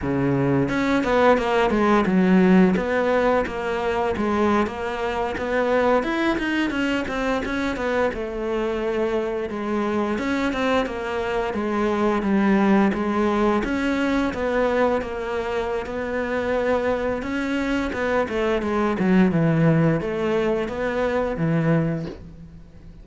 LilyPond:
\new Staff \with { instrumentName = "cello" } { \time 4/4 \tempo 4 = 87 cis4 cis'8 b8 ais8 gis8 fis4 | b4 ais4 gis8. ais4 b16~ | b8. e'8 dis'8 cis'8 c'8 cis'8 b8 a16~ | a4.~ a16 gis4 cis'8 c'8 ais16~ |
ais8. gis4 g4 gis4 cis'16~ | cis'8. b4 ais4~ ais16 b4~ | b4 cis'4 b8 a8 gis8 fis8 | e4 a4 b4 e4 | }